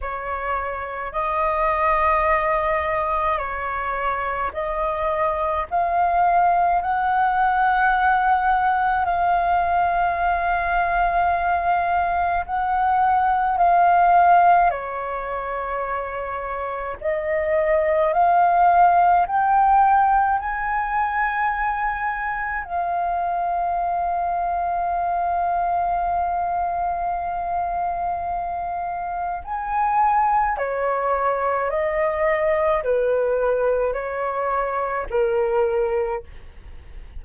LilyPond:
\new Staff \with { instrumentName = "flute" } { \time 4/4 \tempo 4 = 53 cis''4 dis''2 cis''4 | dis''4 f''4 fis''2 | f''2. fis''4 | f''4 cis''2 dis''4 |
f''4 g''4 gis''2 | f''1~ | f''2 gis''4 cis''4 | dis''4 b'4 cis''4 ais'4 | }